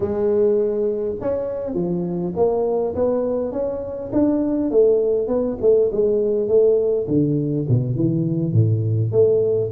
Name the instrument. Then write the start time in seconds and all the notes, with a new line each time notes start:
tuba
0.00 G#3
1.21 C#4
1.74 F3
2.35 A#3
2.95 B3
3.52 C#4
4.12 D4
4.71 A3
5.27 B3
5.61 A3
5.92 G#3
6.48 A3
7.07 D3
7.68 B2
7.95 E3
8.53 A2
9.11 A3